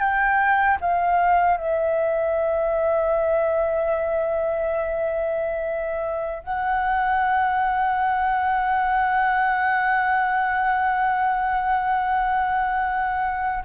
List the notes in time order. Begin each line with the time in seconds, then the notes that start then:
0.00 G5
0.81 F5
1.58 E5
6.44 F#5